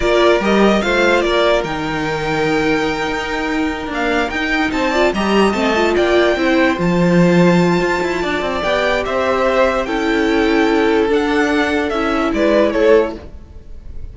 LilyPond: <<
  \new Staff \with { instrumentName = "violin" } { \time 4/4 \tempo 4 = 146 d''4 dis''4 f''4 d''4 | g''1~ | g''4. f''4 g''4 a''8~ | a''8 ais''4 a''4 g''4.~ |
g''8 a''2.~ a''8~ | a''4 g''4 e''2 | g''2. fis''4~ | fis''4 e''4 d''4 cis''4 | }
  \new Staff \with { instrumentName = "violin" } { \time 4/4 ais'2 c''4 ais'4~ | ais'1~ | ais'2.~ ais'8 c''8 | d''8 dis''2 d''4 c''8~ |
c''1 | d''2 c''2 | a'1~ | a'2 b'4 a'4 | }
  \new Staff \with { instrumentName = "viola" } { \time 4/4 f'4 g'4 f'2 | dis'1~ | dis'4. ais4 dis'4. | f'8 g'4 c'8 f'4. e'8~ |
e'8 f'2.~ f'8~ | f'4 g'2. | e'2. d'4~ | d'4 e'2. | }
  \new Staff \with { instrumentName = "cello" } { \time 4/4 ais4 g4 a4 ais4 | dis2.~ dis8 dis'8~ | dis'4. d'4 dis'4 c'8~ | c'8 g4 a4 ais4 c'8~ |
c'8 f2~ f8 f'8 e'8 | d'8 c'8 b4 c'2 | cis'2. d'4~ | d'4 cis'4 gis4 a4 | }
>>